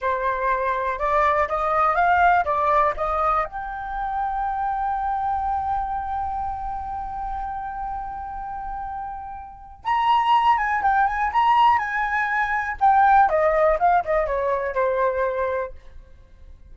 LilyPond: \new Staff \with { instrumentName = "flute" } { \time 4/4 \tempo 4 = 122 c''2 d''4 dis''4 | f''4 d''4 dis''4 g''4~ | g''1~ | g''1~ |
g''1 | ais''4. gis''8 g''8 gis''8 ais''4 | gis''2 g''4 dis''4 | f''8 dis''8 cis''4 c''2 | }